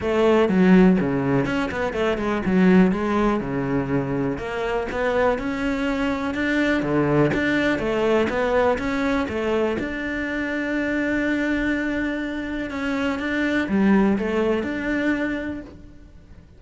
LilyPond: \new Staff \with { instrumentName = "cello" } { \time 4/4 \tempo 4 = 123 a4 fis4 cis4 cis'8 b8 | a8 gis8 fis4 gis4 cis4~ | cis4 ais4 b4 cis'4~ | cis'4 d'4 d4 d'4 |
a4 b4 cis'4 a4 | d'1~ | d'2 cis'4 d'4 | g4 a4 d'2 | }